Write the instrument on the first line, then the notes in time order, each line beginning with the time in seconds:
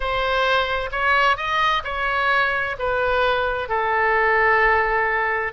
oboe
0.00 C5
0.91 C#5
1.36 D#5
1.84 C#5
2.78 B4
3.68 A4